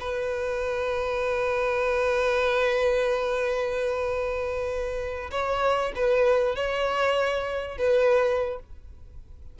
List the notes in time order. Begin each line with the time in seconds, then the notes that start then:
0.00 B4
5.31 C#5
5.95 B4
6.55 C#5
7.78 B4